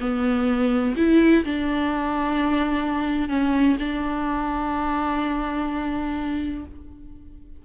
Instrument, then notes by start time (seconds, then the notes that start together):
viola
0.00 B3
0.97 E4
1.44 D4
3.29 C#4
3.79 D4